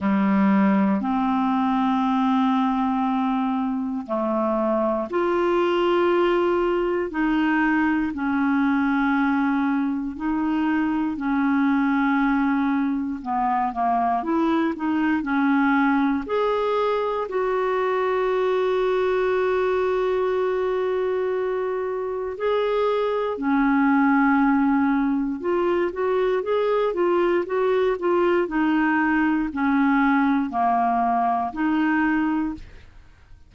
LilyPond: \new Staff \with { instrumentName = "clarinet" } { \time 4/4 \tempo 4 = 59 g4 c'2. | a4 f'2 dis'4 | cis'2 dis'4 cis'4~ | cis'4 b8 ais8 e'8 dis'8 cis'4 |
gis'4 fis'2.~ | fis'2 gis'4 cis'4~ | cis'4 f'8 fis'8 gis'8 f'8 fis'8 f'8 | dis'4 cis'4 ais4 dis'4 | }